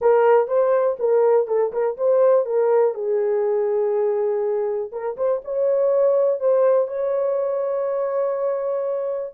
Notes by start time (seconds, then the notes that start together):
0.01 A#4
0.47 C5
0.99 A#4
1.47 A4
1.72 A#4
1.97 C5
2.45 A#4
2.94 G#4
4.92 A#4
5.16 C5
5.44 C#5
6.40 C5
6.87 C#5